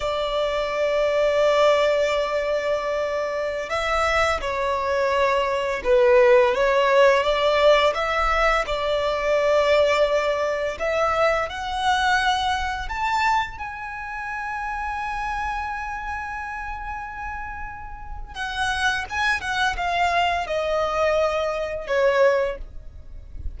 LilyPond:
\new Staff \with { instrumentName = "violin" } { \time 4/4 \tempo 4 = 85 d''1~ | d''4~ d''16 e''4 cis''4.~ cis''16~ | cis''16 b'4 cis''4 d''4 e''8.~ | e''16 d''2. e''8.~ |
e''16 fis''2 a''4 gis''8.~ | gis''1~ | gis''2 fis''4 gis''8 fis''8 | f''4 dis''2 cis''4 | }